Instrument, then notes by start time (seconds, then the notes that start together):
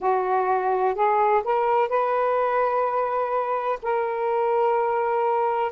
saxophone
0.00 F#4
0.94 G#4
1.44 A#4
1.88 B4
3.82 A#4